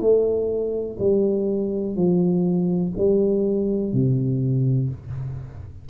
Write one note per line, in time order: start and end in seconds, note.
0.00 0.97 A3
0.99 1.95 G3
1.95 2.92 F3
2.96 3.92 G3
3.92 4.89 C3